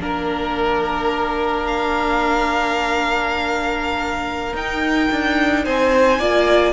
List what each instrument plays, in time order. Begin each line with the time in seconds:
0.00 cello A#3, viola D4, violin A#4
1.66 violin F5
4.53 cello D#4, viola D#4, violin G5
5.11 cello D4
5.64 cello C4, violin C5 G#5
6.19 cello A#3, viola F4, violin D5